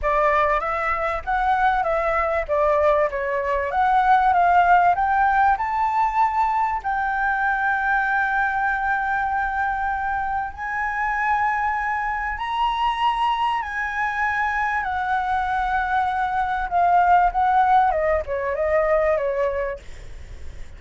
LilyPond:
\new Staff \with { instrumentName = "flute" } { \time 4/4 \tempo 4 = 97 d''4 e''4 fis''4 e''4 | d''4 cis''4 fis''4 f''4 | g''4 a''2 g''4~ | g''1~ |
g''4 gis''2. | ais''2 gis''2 | fis''2. f''4 | fis''4 dis''8 cis''8 dis''4 cis''4 | }